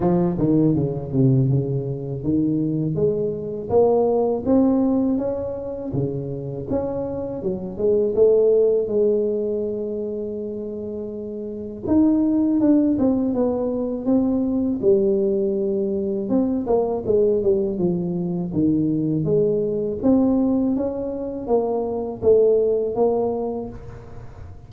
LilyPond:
\new Staff \with { instrumentName = "tuba" } { \time 4/4 \tempo 4 = 81 f8 dis8 cis8 c8 cis4 dis4 | gis4 ais4 c'4 cis'4 | cis4 cis'4 fis8 gis8 a4 | gis1 |
dis'4 d'8 c'8 b4 c'4 | g2 c'8 ais8 gis8 g8 | f4 dis4 gis4 c'4 | cis'4 ais4 a4 ais4 | }